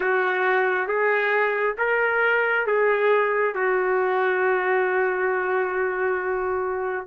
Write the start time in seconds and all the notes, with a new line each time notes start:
0.00 F#4
0.87 G#4
1.78 A#4
2.66 G#4
3.54 F#4